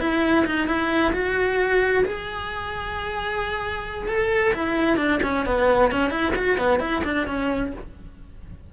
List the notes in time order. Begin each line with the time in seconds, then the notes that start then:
0.00 E4
0.46 D#4
0.67 E4
1.13 F#4
2.05 G#4
4.08 A4
4.54 E4
4.97 D4
5.23 C#4
5.46 B3
5.92 C#4
6.10 E4
6.36 F#4
6.58 B3
6.80 E4
7.04 D4
7.27 C#4